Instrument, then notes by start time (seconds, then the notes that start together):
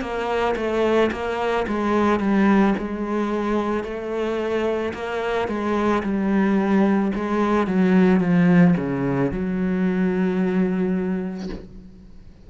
cello
0.00 A#3
0.56 A3
1.12 A#3
1.67 G#3
2.19 G3
2.78 G#3
3.84 A3
4.93 A#3
5.48 G#3
6.02 G3
7.15 G#3
7.67 F#3
8.20 F3
8.77 C#3
9.31 F#3